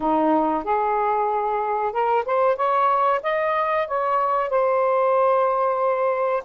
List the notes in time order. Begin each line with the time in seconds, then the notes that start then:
0.00 D#4
0.63 G#4
1.92 A#4
2.25 C5
2.56 C#5
3.23 D#5
3.87 C#5
4.49 C5